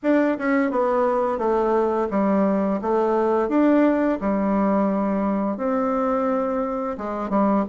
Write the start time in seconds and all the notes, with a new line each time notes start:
0.02 D4
0.38 C#4
0.70 B3
1.38 A3
2.10 G3
2.81 A3
3.48 D4
4.21 G3
5.57 C4
6.97 G#3
7.29 G3